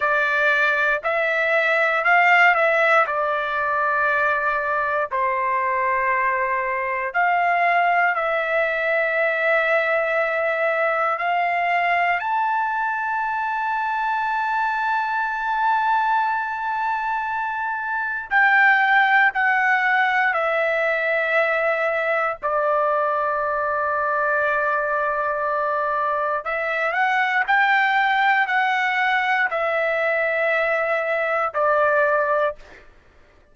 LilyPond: \new Staff \with { instrumentName = "trumpet" } { \time 4/4 \tempo 4 = 59 d''4 e''4 f''8 e''8 d''4~ | d''4 c''2 f''4 | e''2. f''4 | a''1~ |
a''2 g''4 fis''4 | e''2 d''2~ | d''2 e''8 fis''8 g''4 | fis''4 e''2 d''4 | }